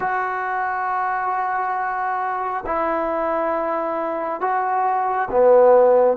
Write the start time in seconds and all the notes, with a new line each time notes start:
0.00 F#4
2.66 E4
4.40 F#4
5.30 B3